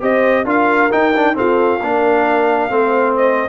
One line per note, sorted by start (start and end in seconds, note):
0.00 0.44 C4
0.00 0.45 G4
0.00 0.44 C5
0.00 0.47 D#5
0.44 0.89 D4
0.44 0.90 F4
0.44 1.34 A#4
0.44 0.91 F5
0.91 1.13 D#4
0.91 1.38 D#4
0.91 1.36 G5
1.16 1.34 D4
1.34 1.79 C4
1.34 1.81 F4
1.34 1.81 A4
1.34 3.16 F5
1.81 2.70 A#3
1.81 2.69 D4
1.81 2.72 A#4
2.69 3.48 A3
2.69 3.48 C4
2.69 3.49 C5
3.16 3.49 D#5